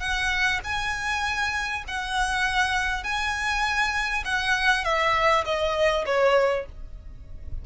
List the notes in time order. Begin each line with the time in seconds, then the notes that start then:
0.00 F#5
0.64 G#5
1.88 F#5
3.04 G#5
4.25 F#5
4.85 E5
5.45 D#5
6.06 C#5